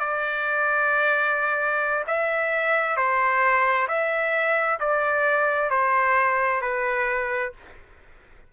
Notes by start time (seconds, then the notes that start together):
0.00 D5
2.07 E5
2.97 C5
3.88 E5
4.80 D5
5.71 C5
6.62 B4